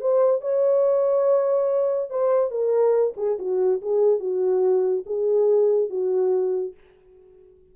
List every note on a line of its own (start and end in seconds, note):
0.00 0.41 C5
0.41 2.10 C#5
2.10 2.51 C5
2.51 3.14 A#4
3.17 3.38 G#4
3.39 3.81 F#4
3.81 4.19 G#4
4.19 5.04 F#4
5.06 5.89 G#4
5.89 6.74 F#4